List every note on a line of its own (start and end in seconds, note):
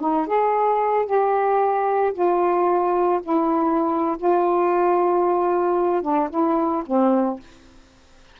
0.00 0.27 D#4
0.27 1.06 G#4
1.06 2.13 G4
2.14 3.21 F4
3.23 4.17 E4
4.18 6.02 F4
6.02 6.29 D4
6.30 6.83 E4
6.86 7.40 C4